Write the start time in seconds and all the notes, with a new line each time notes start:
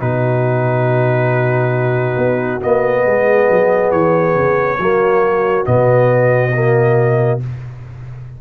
0.00 B2 D#4 F#4 B4
2.17 B3
2.62 A#3 B3 D#5
3.06 G#3 G#4
3.50 F#3
3.92 E3 C#5
4.36 C#3
4.79 F#3 A#3 F#4
5.65 B2 B3 D#5
6.53 A#3